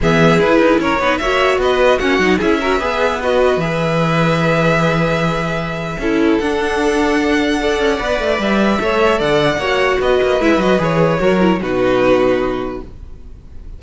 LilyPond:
<<
  \new Staff \with { instrumentName = "violin" } { \time 4/4 \tempo 4 = 150 e''4 b'4 cis''4 e''4 | dis''4 fis''4 e''2 | dis''4 e''2.~ | e''1 |
fis''1~ | fis''4 e''2 fis''4~ | fis''4 dis''4 e''8 dis''8 cis''4~ | cis''4 b'2. | }
  \new Staff \with { instrumentName = "violin" } { \time 4/4 gis'2 ais'8 b'8 cis''4 | b'4 fis'4 gis'8 ais'8 b'4~ | b'1~ | b'2. a'4~ |
a'2. d''4~ | d''2 cis''4 d''4 | cis''4 b'2. | ais'4 fis'2. | }
  \new Staff \with { instrumentName = "viola" } { \time 4/4 b4 e'4. dis'8 fis'4~ | fis'4 cis'8 dis'8 e'8 fis'8 gis'4 | fis'4 gis'2.~ | gis'2. e'4 |
d'2. a'4 | b'2 a'2 | fis'2 e'8 fis'8 gis'4 | fis'8 e'8 dis'2. | }
  \new Staff \with { instrumentName = "cello" } { \time 4/4 e4 e'8 dis'8 cis'8 b8 ais4 | b4 ais8 fis8 cis'4 b4~ | b4 e2.~ | e2. cis'4 |
d'2.~ d'8 cis'8 | b8 a8 g4 a4 d4 | ais4 b8 ais8 gis8 fis8 e4 | fis4 b,2. | }
>>